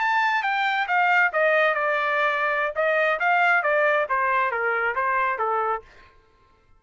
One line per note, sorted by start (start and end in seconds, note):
0.00 0.43 A5
0.43 0.87 G5
0.87 1.31 F5
1.33 1.74 D#5
1.74 2.73 D5
2.75 3.19 D#5
3.19 3.63 F5
3.63 4.06 D5
4.09 4.51 C5
4.51 4.95 A#4
4.95 5.38 C5
5.38 5.82 A4